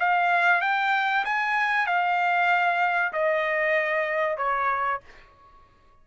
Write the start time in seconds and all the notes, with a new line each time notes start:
0.00 F5
0.61 G5
1.25 G#5
1.86 F5
3.13 D#5
4.37 C#5